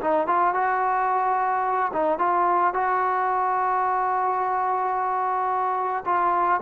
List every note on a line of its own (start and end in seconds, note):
0.00 0.27 D#4
0.27 0.54 F4
0.54 1.91 F#4
1.92 2.18 D#4
2.18 2.73 F4
2.73 6.04 F#4
6.05 6.60 F4